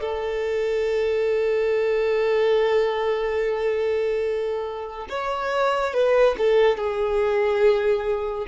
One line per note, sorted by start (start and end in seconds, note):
0.00 5.07 A4
5.09 5.93 C#5
5.93 6.35 B4
6.38 6.77 A4
6.77 8.46 G#4